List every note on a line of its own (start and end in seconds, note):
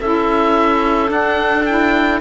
0.00 1.11 C#4
0.00 1.07 E4
0.00 2.21 A4
0.00 1.12 E5
1.07 1.63 D4
1.07 2.21 D4
1.07 1.66 F#5
1.66 2.21 E4
1.66 2.21 G5